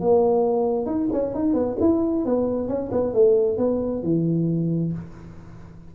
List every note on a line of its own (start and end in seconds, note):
0.00 0.86 A#3
0.86 1.08 D#4
1.12 1.34 C#4
1.34 1.54 D#4
1.54 1.76 B3
1.80 2.25 E4
2.25 2.68 B3
2.68 2.91 C#4
2.91 3.14 B3
3.14 3.57 A3
3.57 4.03 B3
4.03 4.93 E3